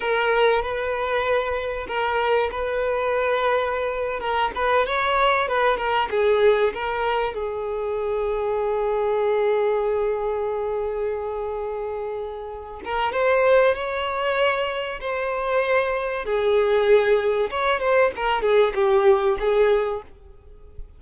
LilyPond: \new Staff \with { instrumentName = "violin" } { \time 4/4 \tempo 4 = 96 ais'4 b'2 ais'4 | b'2~ b'8. ais'8 b'8 cis''16~ | cis''8. b'8 ais'8 gis'4 ais'4 gis'16~ | gis'1~ |
gis'1~ | gis'8 ais'8 c''4 cis''2 | c''2 gis'2 | cis''8 c''8 ais'8 gis'8 g'4 gis'4 | }